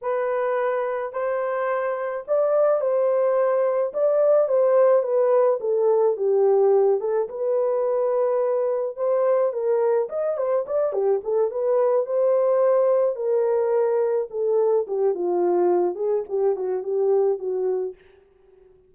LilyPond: \new Staff \with { instrumentName = "horn" } { \time 4/4 \tempo 4 = 107 b'2 c''2 | d''4 c''2 d''4 | c''4 b'4 a'4 g'4~ | g'8 a'8 b'2. |
c''4 ais'4 dis''8 c''8 d''8 g'8 | a'8 b'4 c''2 ais'8~ | ais'4. a'4 g'8 f'4~ | f'8 gis'8 g'8 fis'8 g'4 fis'4 | }